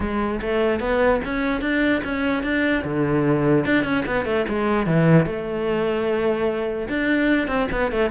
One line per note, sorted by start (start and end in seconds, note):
0.00 0.40 G#3
0.41 0.80 A3
0.80 1.20 B3
1.25 1.61 C#4
1.61 2.01 D4
2.04 2.43 C#4
2.43 2.83 D4
2.84 3.65 D3
3.65 3.84 D4
3.84 4.04 C#4
4.06 4.25 B3
4.25 4.45 A3
4.48 4.86 G#3
4.86 5.26 E3
5.26 6.88 A3
6.88 7.47 D4
7.47 7.67 C4
7.71 7.91 B3
7.91 8.10 A3